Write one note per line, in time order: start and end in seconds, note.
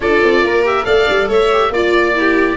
0.00 0.21 D4
0.00 0.63 F4
0.00 0.44 A4
0.00 0.65 D5
0.23 0.42 C4
0.42 0.85 A#3
0.42 0.85 A#4
0.63 0.83 G4
0.63 0.84 E5
0.83 1.08 A3
0.83 1.48 A4
0.83 1.28 D5
0.83 1.27 F5
1.09 1.29 G3
1.28 1.69 A3
1.28 1.71 C#5
1.28 1.72 E5
1.52 1.73 G4
1.69 2.55 A#3
1.69 2.14 F4
1.69 2.57 D5
1.69 2.17 D5
2.14 2.57 E4
2.14 2.57 G4